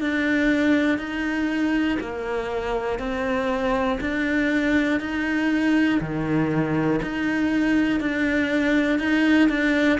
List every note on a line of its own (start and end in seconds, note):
0.00 0.98 D4
0.98 1.98 D#4
2.00 2.99 A#3
2.99 3.99 C4
4.00 5.00 D4
5.00 6.00 D#4
6.00 7.00 D#3
7.02 8.00 D#4
8.00 8.99 D4
8.99 9.49 D#4
9.49 9.99 D4